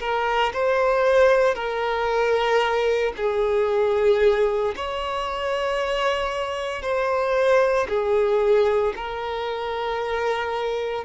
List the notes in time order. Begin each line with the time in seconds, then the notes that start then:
0.00 A#4
0.54 C5
1.55 A#4
3.17 G#4
4.76 C#5
6.82 C5
7.89 G#4
8.96 A#4